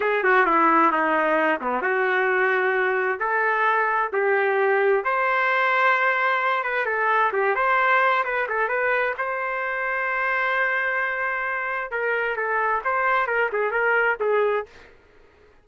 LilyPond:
\new Staff \with { instrumentName = "trumpet" } { \time 4/4 \tempo 4 = 131 gis'8 fis'8 e'4 dis'4. b8 | fis'2. a'4~ | a'4 g'2 c''4~ | c''2~ c''8 b'8 a'4 |
g'8 c''4. b'8 a'8 b'4 | c''1~ | c''2 ais'4 a'4 | c''4 ais'8 gis'8 ais'4 gis'4 | }